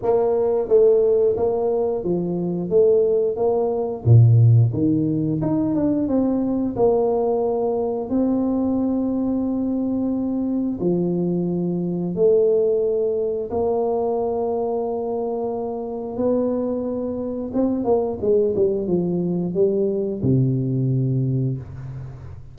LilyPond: \new Staff \with { instrumentName = "tuba" } { \time 4/4 \tempo 4 = 89 ais4 a4 ais4 f4 | a4 ais4 ais,4 dis4 | dis'8 d'8 c'4 ais2 | c'1 |
f2 a2 | ais1 | b2 c'8 ais8 gis8 g8 | f4 g4 c2 | }